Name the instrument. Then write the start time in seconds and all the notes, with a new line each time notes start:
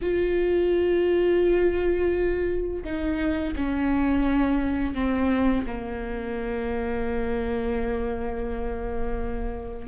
viola
0.01 F4
2.84 D#4
3.56 C#4
4.94 C4
5.66 A#3